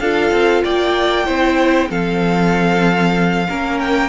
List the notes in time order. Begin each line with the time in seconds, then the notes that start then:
0.00 D4 F4 A4 F5
0.31 C4
0.64 A#3 D5 G5
1.26 C4 E4 C5
1.89 F3 C4 A4 F5
3.49 A#3 C#4 A#4
3.80 G5